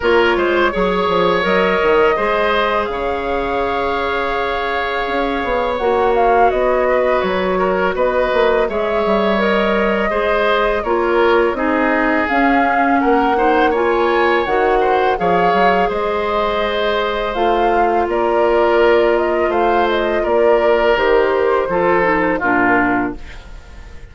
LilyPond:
<<
  \new Staff \with { instrumentName = "flute" } { \time 4/4 \tempo 4 = 83 cis''2 dis''2 | f''1 | fis''8 f''8 dis''4 cis''4 dis''4 | e''4 dis''2 cis''4 |
dis''4 f''4 fis''4 gis''4 | fis''4 f''4 dis''2 | f''4 d''4. dis''8 f''8 dis''8 | d''4 c''2 ais'4 | }
  \new Staff \with { instrumentName = "oboe" } { \time 4/4 ais'8 c''8 cis''2 c''4 | cis''1~ | cis''4. b'4 ais'8 b'4 | cis''2 c''4 ais'4 |
gis'2 ais'8 c''8 cis''4~ | cis''8 c''8 cis''4 c''2~ | c''4 ais'2 c''4 | ais'2 a'4 f'4 | }
  \new Staff \with { instrumentName = "clarinet" } { \time 4/4 f'4 gis'4 ais'4 gis'4~ | gis'1 | fis'1 | gis'4 ais'4 gis'4 f'4 |
dis'4 cis'4. dis'8 f'4 | fis'4 gis'2. | f'1~ | f'4 g'4 f'8 dis'8 d'4 | }
  \new Staff \with { instrumentName = "bassoon" } { \time 4/4 ais8 gis8 fis8 f8 fis8 dis8 gis4 | cis2. cis'8 b8 | ais4 b4 fis4 b8 ais8 | gis8 g4. gis4 ais4 |
c'4 cis'4 ais2 | dis4 f8 fis8 gis2 | a4 ais2 a4 | ais4 dis4 f4 ais,4 | }
>>